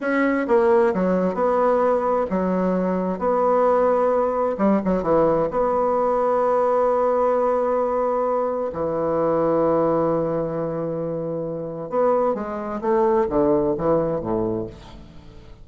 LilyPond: \new Staff \with { instrumentName = "bassoon" } { \time 4/4 \tempo 4 = 131 cis'4 ais4 fis4 b4~ | b4 fis2 b4~ | b2 g8 fis8 e4 | b1~ |
b2. e4~ | e1~ | e2 b4 gis4 | a4 d4 e4 a,4 | }